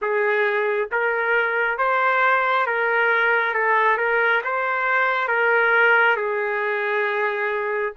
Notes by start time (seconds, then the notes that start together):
0.01 G#4
0.91 A#4
1.78 C5
2.66 A#4
3.54 A4
3.97 A#4
4.44 C5
5.27 A#4
6.16 G#4